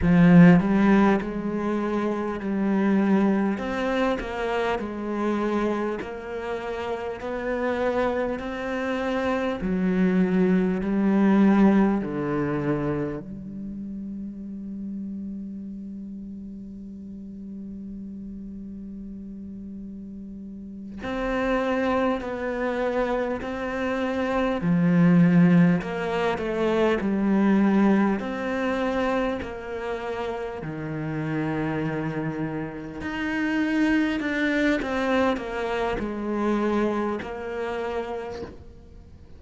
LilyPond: \new Staff \with { instrumentName = "cello" } { \time 4/4 \tempo 4 = 50 f8 g8 gis4 g4 c'8 ais8 | gis4 ais4 b4 c'4 | fis4 g4 d4 g4~ | g1~ |
g4. c'4 b4 c'8~ | c'8 f4 ais8 a8 g4 c'8~ | c'8 ais4 dis2 dis'8~ | dis'8 d'8 c'8 ais8 gis4 ais4 | }